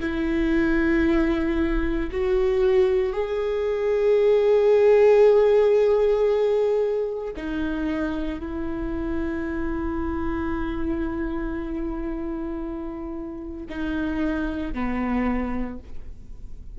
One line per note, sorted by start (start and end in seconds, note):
0.00 2.11 E4
2.11 3.12 F#4
3.12 7.33 G#4
7.36 8.39 D#4
8.39 13.66 E4
13.69 14.73 D#4
14.73 15.78 B3